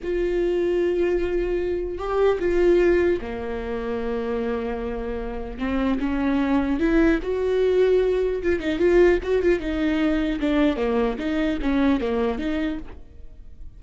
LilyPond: \new Staff \with { instrumentName = "viola" } { \time 4/4 \tempo 4 = 150 f'1~ | f'4 g'4 f'2 | ais1~ | ais2 c'4 cis'4~ |
cis'4 e'4 fis'2~ | fis'4 f'8 dis'8 f'4 fis'8 f'8 | dis'2 d'4 ais4 | dis'4 cis'4 ais4 dis'4 | }